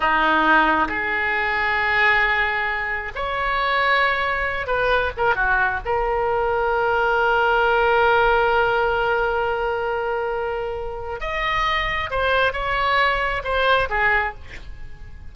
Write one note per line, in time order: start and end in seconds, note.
0.00 0.88 D#4
0.88 3.12 G#4
3.15 4.66 C#5
4.66 5.11 B4
5.17 5.35 A#4
5.35 5.80 F#4
5.85 11.20 A#4
11.20 12.10 D#5
12.10 12.52 C5
12.52 13.42 C#5
13.44 13.88 C5
13.89 14.34 G#4